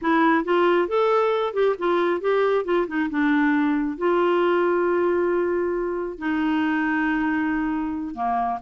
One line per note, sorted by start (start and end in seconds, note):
0.01 0.44 E4
0.44 0.88 F4
0.88 1.53 A4
1.53 1.75 G4
1.78 2.20 F4
2.20 2.64 G4
2.64 2.86 F4
2.87 3.09 D#4
3.10 3.97 D4
3.97 6.18 F4
6.18 8.14 D#4
8.14 8.58 A#3